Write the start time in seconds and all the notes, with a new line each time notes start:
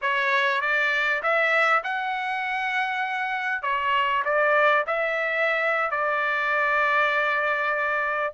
0.01 C#5
0.61 D5
1.22 E5
1.83 F#5
3.62 C#5
4.24 D5
4.87 E5
5.90 D5